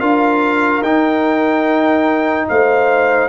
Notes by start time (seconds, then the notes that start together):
0.00 D4 F4 A#4 F5
0.82 D#4 G5
2.48 A3 C5 F5